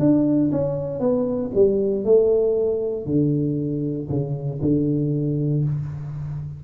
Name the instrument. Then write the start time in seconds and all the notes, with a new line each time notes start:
tuba
0.00 D4
0.52 C#4
1.00 B3
1.55 G3
2.05 A3
3.06 D3
4.10 C#3
4.62 D3